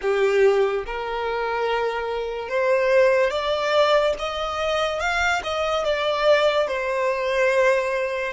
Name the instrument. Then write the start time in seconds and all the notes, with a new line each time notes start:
violin
0.01 G4
0.86 A#4
2.48 C5
3.30 D5
4.19 D#5
5.00 F5
5.43 D#5
5.84 D5
6.67 C5